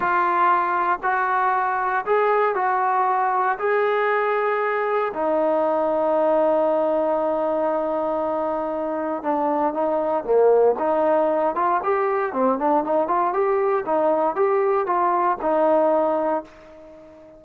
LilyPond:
\new Staff \with { instrumentName = "trombone" } { \time 4/4 \tempo 4 = 117 f'2 fis'2 | gis'4 fis'2 gis'4~ | gis'2 dis'2~ | dis'1~ |
dis'2 d'4 dis'4 | ais4 dis'4. f'8 g'4 | c'8 d'8 dis'8 f'8 g'4 dis'4 | g'4 f'4 dis'2 | }